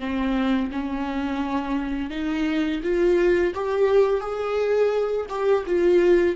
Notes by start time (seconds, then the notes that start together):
0.00 C4
0.72 C#4
2.10 D#4
2.84 F4
3.55 G4
4.21 G#4
5.29 G4
5.67 F4